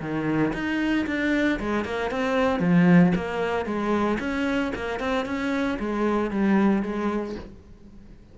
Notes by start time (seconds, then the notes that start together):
0.00 D#3
0.53 D#4
1.06 D4
1.59 G#3
1.84 A#3
2.11 C4
2.60 F3
3.15 A#3
3.65 G#3
4.19 C#4
4.75 A#3
5.00 C4
5.25 C#4
5.79 G#3
6.30 G3
6.82 G#3